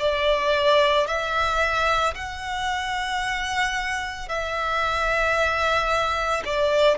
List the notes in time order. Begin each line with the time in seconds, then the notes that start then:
0.00 D5
1.07 E5
2.15 F#5
4.29 E5
6.45 D5